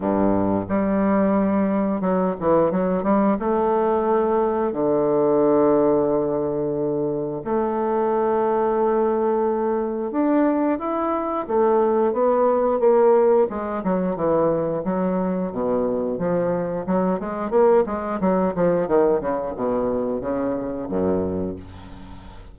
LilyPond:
\new Staff \with { instrumentName = "bassoon" } { \time 4/4 \tempo 4 = 89 g,4 g2 fis8 e8 | fis8 g8 a2 d4~ | d2. a4~ | a2. d'4 |
e'4 a4 b4 ais4 | gis8 fis8 e4 fis4 b,4 | f4 fis8 gis8 ais8 gis8 fis8 f8 | dis8 cis8 b,4 cis4 fis,4 | }